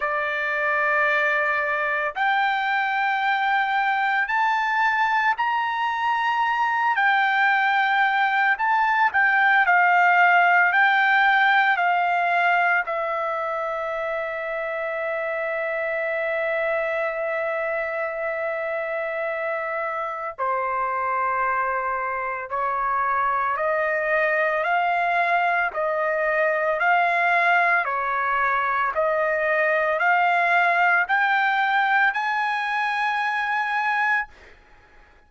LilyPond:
\new Staff \with { instrumentName = "trumpet" } { \time 4/4 \tempo 4 = 56 d''2 g''2 | a''4 ais''4. g''4. | a''8 g''8 f''4 g''4 f''4 | e''1~ |
e''2. c''4~ | c''4 cis''4 dis''4 f''4 | dis''4 f''4 cis''4 dis''4 | f''4 g''4 gis''2 | }